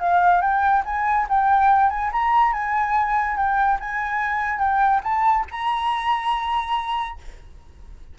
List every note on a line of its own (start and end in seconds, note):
0.00 0.41 F5
0.41 0.83 G5
0.85 1.27 G#5
1.29 1.90 G5
1.90 2.11 G#5
2.12 2.53 A#5
2.53 3.37 G#5
3.37 3.79 G5
3.80 4.58 G#5
4.58 5.00 G5
5.03 5.45 A5
5.51 7.19 A#5